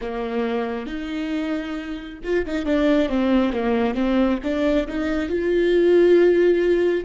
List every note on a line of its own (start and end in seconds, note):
0.01 0.86 A#3
0.86 2.18 D#4
2.23 2.45 F4
2.45 2.65 D#4
2.65 3.09 D4
3.09 3.53 C4
3.53 3.94 A#3
3.94 4.38 C4
4.43 4.87 D4
4.87 5.29 D#4
5.29 7.05 F4